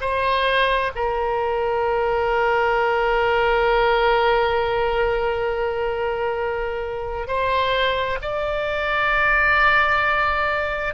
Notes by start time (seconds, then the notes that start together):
0.00 C5
0.95 A#4
7.27 C5
8.21 D5